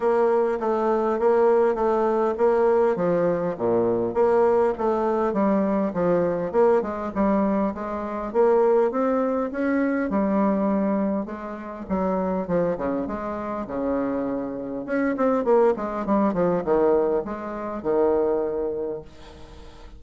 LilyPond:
\new Staff \with { instrumentName = "bassoon" } { \time 4/4 \tempo 4 = 101 ais4 a4 ais4 a4 | ais4 f4 ais,4 ais4 | a4 g4 f4 ais8 gis8 | g4 gis4 ais4 c'4 |
cis'4 g2 gis4 | fis4 f8 cis8 gis4 cis4~ | cis4 cis'8 c'8 ais8 gis8 g8 f8 | dis4 gis4 dis2 | }